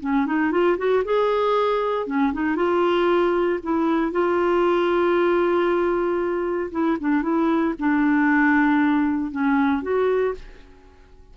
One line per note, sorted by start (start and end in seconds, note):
0.00 0.26 C#4
0.26 0.51 D#4
0.51 0.77 F4
0.77 1.03 F#4
1.04 2.06 G#4
2.06 2.32 C#4
2.33 2.56 D#4
2.56 3.59 F4
3.63 4.12 E4
4.12 6.70 F4
6.71 6.97 E4
7.00 7.22 D4
7.22 7.74 E4
7.79 9.31 D4
9.31 9.82 C#4
9.82 10.34 F#4